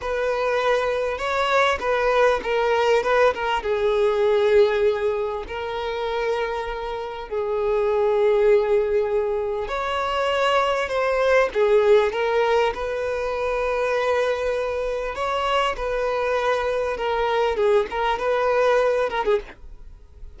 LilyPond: \new Staff \with { instrumentName = "violin" } { \time 4/4 \tempo 4 = 99 b'2 cis''4 b'4 | ais'4 b'8 ais'8 gis'2~ | gis'4 ais'2. | gis'1 |
cis''2 c''4 gis'4 | ais'4 b'2.~ | b'4 cis''4 b'2 | ais'4 gis'8 ais'8 b'4. ais'16 gis'16 | }